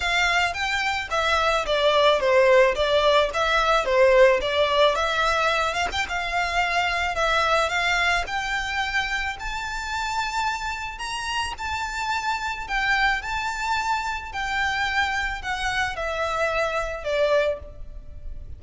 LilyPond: \new Staff \with { instrumentName = "violin" } { \time 4/4 \tempo 4 = 109 f''4 g''4 e''4 d''4 | c''4 d''4 e''4 c''4 | d''4 e''4. f''16 g''16 f''4~ | f''4 e''4 f''4 g''4~ |
g''4 a''2. | ais''4 a''2 g''4 | a''2 g''2 | fis''4 e''2 d''4 | }